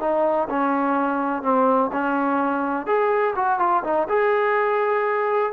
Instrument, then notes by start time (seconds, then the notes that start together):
trombone
0.00 D#4
0.49 C#4
1.42 C4
1.92 C#4
2.86 G#4
3.35 F#4
3.59 F4
3.83 D#4
4.09 G#4